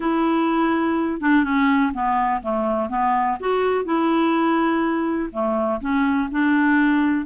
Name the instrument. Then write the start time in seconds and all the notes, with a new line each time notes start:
clarinet
0.00 E4
1.21 D4
1.43 C#4
1.93 B3
2.42 A3
2.89 B3
3.40 F#4
3.85 E4
5.31 A3
5.81 C#4
6.31 D4